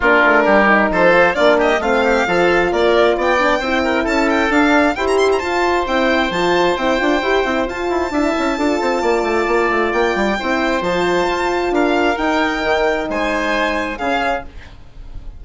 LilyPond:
<<
  \new Staff \with { instrumentName = "violin" } { \time 4/4 \tempo 4 = 133 ais'2 c''4 d''8 dis''8 | f''2 d''4 g''4~ | g''4 a''8 g''8 f''4 g''16 ais''16 c'''16 ais''16 | a''4 g''4 a''4 g''4~ |
g''4 a''2.~ | a''2 g''2 | a''2 f''4 g''4~ | g''4 gis''2 f''4 | }
  \new Staff \with { instrumentName = "oboe" } { \time 4/4 f'4 g'4 a'4 f'8 g'8 | f'8 g'8 a'4 ais'4 d''4 | c''8 ais'8 a'2 c''4~ | c''1~ |
c''2 e''4 a'4 | d''2. c''4~ | c''2 ais'2~ | ais'4 c''2 gis'4 | }
  \new Staff \with { instrumentName = "horn" } { \time 4/4 d'4. dis'4 f'8 d'4 | c'4 f'2~ f'8 d'8 | e'2 d'4 g'4 | f'4 e'4 f'4 e'8 f'8 |
g'8 e'8 f'4 e'4 f'4~ | f'2. e'4 | f'2. dis'4~ | dis'2. cis'4 | }
  \new Staff \with { instrumentName = "bassoon" } { \time 4/4 ais8 a8 g4 f4 ais4 | a4 f4 ais4 b4 | c'4 cis'4 d'4 e'4 | f'4 c'4 f4 c'8 d'8 |
e'8 c'8 f'8 e'8 d'8 cis'8 d'8 c'8 | ais8 a8 ais8 a8 ais8 g8 c'4 | f4 f'4 d'4 dis'4 | dis4 gis2 cis4 | }
>>